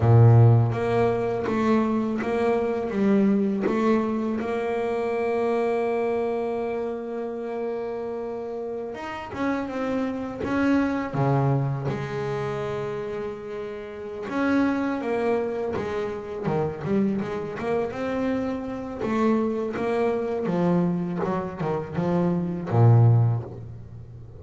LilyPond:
\new Staff \with { instrumentName = "double bass" } { \time 4/4 \tempo 4 = 82 ais,4 ais4 a4 ais4 | g4 a4 ais2~ | ais1~ | ais16 dis'8 cis'8 c'4 cis'4 cis8.~ |
cis16 gis2.~ gis16 cis'8~ | cis'8 ais4 gis4 dis8 g8 gis8 | ais8 c'4. a4 ais4 | f4 fis8 dis8 f4 ais,4 | }